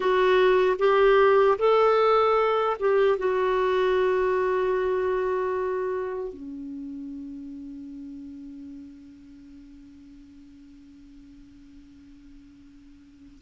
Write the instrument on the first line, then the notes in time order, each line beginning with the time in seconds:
clarinet
0.00 F#4
0.78 G4
1.58 A4
2.79 G4
3.18 F#4
6.33 C#4